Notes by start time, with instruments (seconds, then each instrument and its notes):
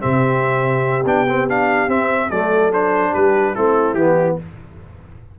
0.00 tuba C3, trombone C4, horn G4, trumpet E5
1.05 tuba B3, trombone D4, trumpet G5
1.29 trombone C4
1.48 trombone D4, trumpet F5
1.88 trombone C4, tuba C4, trumpet E5
2.30 tuba F#3, trombone A3, horn A4, trumpet D5
2.72 trombone D4, trumpet C5
3.11 tuba G3, horn G4, trumpet B4
3.55 tuba A3, trombone C4, horn E4, trumpet A4
3.94 tuba E3, trombone B3, trumpet G4